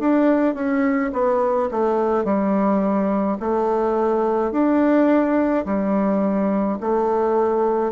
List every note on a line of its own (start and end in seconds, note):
0.00 0.55 D4
0.55 1.11 C#4
1.13 1.70 B3
1.71 2.24 A3
2.24 3.38 G3
3.40 4.52 A3
4.52 5.65 D4
5.66 6.79 G3
6.81 7.92 A3